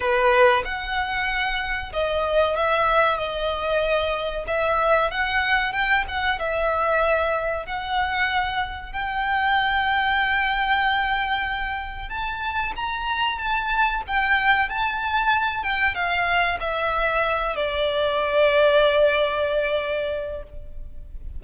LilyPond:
\new Staff \with { instrumentName = "violin" } { \time 4/4 \tempo 4 = 94 b'4 fis''2 dis''4 | e''4 dis''2 e''4 | fis''4 g''8 fis''8 e''2 | fis''2 g''2~ |
g''2. a''4 | ais''4 a''4 g''4 a''4~ | a''8 g''8 f''4 e''4. d''8~ | d''1 | }